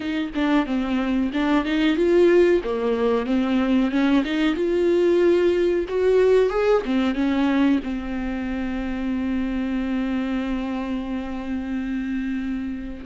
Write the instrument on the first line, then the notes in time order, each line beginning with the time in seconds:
viola
0.00 D#4
0.34 D4
0.66 C4
1.33 D4
1.64 D#4
1.96 F4
2.64 A#3
3.25 C4
3.91 C#4
4.24 D#4
4.55 F4
5.88 F#4
6.49 G#4
6.85 C4
7.14 C#4
7.83 C4